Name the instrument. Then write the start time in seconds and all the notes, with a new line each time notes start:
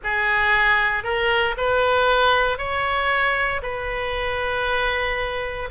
oboe
0.03 G#4
1.03 A#4
1.57 B4
2.57 C#5
3.62 B4